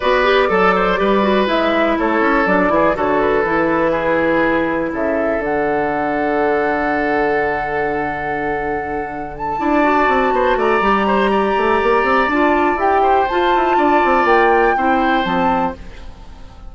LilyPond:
<<
  \new Staff \with { instrumentName = "flute" } { \time 4/4 \tempo 4 = 122 d''2. e''4 | cis''4 d''4 cis''8 b'4.~ | b'2 e''4 fis''4~ | fis''1~ |
fis''2. a''4~ | a''4. ais''2~ ais''8~ | ais''4 a''4 g''4 a''4~ | a''4 g''2 a''4 | }
  \new Staff \with { instrumentName = "oboe" } { \time 4/4 b'4 a'8 c''8 b'2 | a'4. gis'8 a'2 | gis'2 a'2~ | a'1~ |
a'2.~ a'8 d''8~ | d''4 c''8 d''4 c''8 d''4~ | d''2~ d''8 c''4. | d''2 c''2 | }
  \new Staff \with { instrumentName = "clarinet" } { \time 4/4 fis'8 g'8 a'4 g'8 fis'8 e'4~ | e'4 d'8 e'8 fis'4 e'4~ | e'2. d'4~ | d'1~ |
d'2.~ d'8 e'8 | fis'2 g'2~ | g'4 f'4 g'4 f'4~ | f'2 e'4 c'4 | }
  \new Staff \with { instrumentName = "bassoon" } { \time 4/4 b4 fis4 g4 gis4 | a8 cis'8 fis8 e8 d4 e4~ | e2 cis4 d4~ | d1~ |
d2.~ d8 d'8~ | d'8 c'8 b8 a8 g4. a8 | ais8 c'8 d'4 e'4 f'8 e'8 | d'8 c'8 ais4 c'4 f4 | }
>>